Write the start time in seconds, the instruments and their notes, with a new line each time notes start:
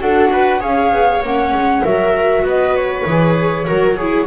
0.00 double bass D4, viola F#4 A4, flute F#5
0.33 viola B4
0.60 double bass C#4, viola G#4 C#5, flute F5
0.91 double bass B3
1.22 double bass A#3, viola C#4, flute F#5
1.52 double bass G#3
1.84 double bass F#3, viola F#4 A#4, flute E5
2.42 double bass B3, viola B4
2.49 flute D#5
2.76 flute C#5
3.06 double bass E3, viola G#4
3.65 double bass F#3, viola F#4 A#4
3.97 viola E4 G#4